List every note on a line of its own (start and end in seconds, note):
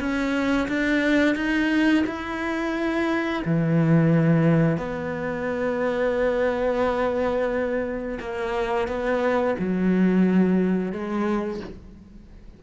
0.00 0.68 C#4
0.69 1.36 D4
1.36 2.04 D#4
2.07 3.43 E4
3.46 4.78 E3
4.78 8.19 B3
8.20 8.88 A#3
8.88 9.56 B3
9.59 10.92 F#3
10.92 11.61 G#3